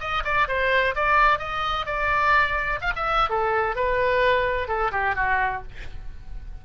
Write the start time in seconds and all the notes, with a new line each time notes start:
0.00 D#5
0.25 D5
0.48 C5
0.95 D5
1.39 D#5
1.86 D5
2.81 F5
2.96 E5
3.30 A4
3.76 B4
4.68 A4
4.92 G4
5.15 F#4